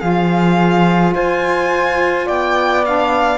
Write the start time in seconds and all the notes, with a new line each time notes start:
0.00 F3 F4 G#4 F5
1.14 F4 C5 G#5
2.26 B3 D5 G5
2.85 D4 F5